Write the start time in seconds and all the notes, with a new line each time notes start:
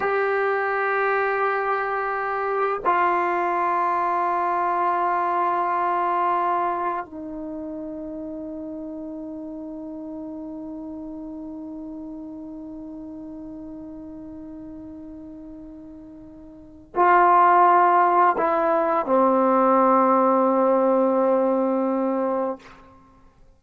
0.00 G4
2.85 F4
7.05 D#4
16.95 F4
18.37 E4
19.06 C4